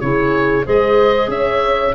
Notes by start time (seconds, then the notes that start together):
0.00 C#3 E4 G#4 C#5
0.64 G#3 G#4 C5 D#5
1.28 C#4 C#5 E5